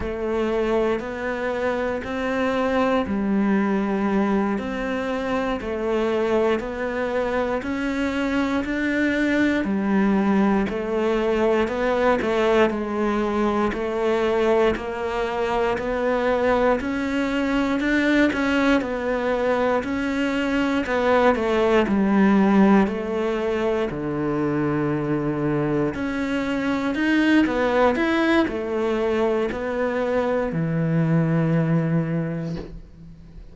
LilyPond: \new Staff \with { instrumentName = "cello" } { \time 4/4 \tempo 4 = 59 a4 b4 c'4 g4~ | g8 c'4 a4 b4 cis'8~ | cis'8 d'4 g4 a4 b8 | a8 gis4 a4 ais4 b8~ |
b8 cis'4 d'8 cis'8 b4 cis'8~ | cis'8 b8 a8 g4 a4 d8~ | d4. cis'4 dis'8 b8 e'8 | a4 b4 e2 | }